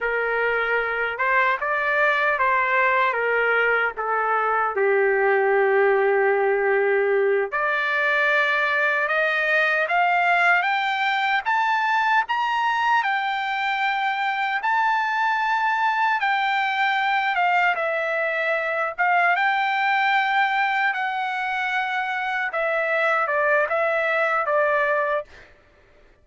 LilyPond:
\new Staff \with { instrumentName = "trumpet" } { \time 4/4 \tempo 4 = 76 ais'4. c''8 d''4 c''4 | ais'4 a'4 g'2~ | g'4. d''2 dis''8~ | dis''8 f''4 g''4 a''4 ais''8~ |
ais''8 g''2 a''4.~ | a''8 g''4. f''8 e''4. | f''8 g''2 fis''4.~ | fis''8 e''4 d''8 e''4 d''4 | }